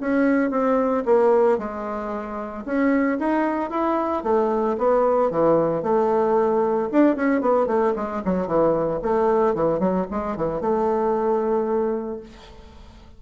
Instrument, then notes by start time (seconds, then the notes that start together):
bassoon
0.00 C#4
0.50 C4
1.05 A#3
1.58 G#3
2.65 C#4
3.19 D#4
3.70 E4
4.23 A3
4.78 B3
5.30 E3
5.82 A3
6.91 D4
7.16 C#4
7.41 B3
7.67 A3
7.95 G#3
8.25 F#3
8.47 E3
9.02 A3
9.54 E3
9.79 F#3
10.11 G#3
10.36 E3
10.60 A3